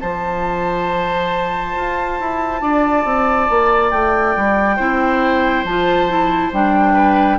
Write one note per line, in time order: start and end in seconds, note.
0.00 1.76 F3
0.00 4.78 F4
0.00 2.62 C5
0.00 3.91 A5
1.76 2.20 F4
2.20 2.62 E4
2.62 3.05 D4
2.62 4.77 D5
3.05 3.48 C4
3.50 3.92 A#3
3.91 4.36 A3
3.91 5.65 G5
4.37 4.79 G3
4.77 5.64 C4
4.77 5.65 E4
4.77 6.93 C5
5.64 6.51 F3
5.64 6.09 F4
5.64 6.52 A5
6.09 6.52 E4
6.53 7.39 G3
6.53 7.40 D4
6.53 7.40 G5
6.93 7.37 B4